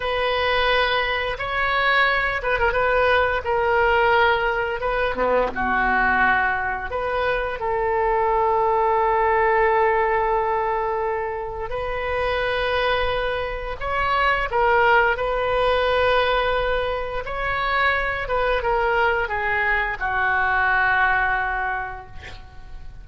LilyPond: \new Staff \with { instrumentName = "oboe" } { \time 4/4 \tempo 4 = 87 b'2 cis''4. b'16 ais'16 | b'4 ais'2 b'8 b8 | fis'2 b'4 a'4~ | a'1~ |
a'4 b'2. | cis''4 ais'4 b'2~ | b'4 cis''4. b'8 ais'4 | gis'4 fis'2. | }